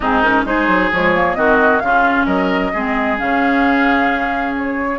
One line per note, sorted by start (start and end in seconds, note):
0.00 0.44 G#2
0.00 0.23 C4
0.00 0.44 D#4
0.00 0.21 G#4
0.21 0.45 C#4
0.21 0.44 A#4
0.44 0.67 G#3
0.44 0.91 D#4
0.44 1.37 G#4
0.44 0.91 C5
0.67 0.90 F#3
0.91 1.36 F3
0.91 1.15 G#3
0.91 1.34 C#5
1.15 1.36 A#3
1.34 1.81 D#3
1.34 1.82 C4
1.34 1.82 F#4
1.34 1.79 D#5
1.79 2.26 C#3
1.79 2.73 C#4
1.79 2.26 F4
1.79 2.24 F5
2.26 2.71 F#3
2.26 2.71 A#4
2.26 3.17 D#5
2.73 3.20 G#3
2.73 3.18 C4
2.73 4.98 G#4
3.18 4.98 C#3
3.18 4.98 C#4
3.18 4.55 F5
4.57 4.98 C#5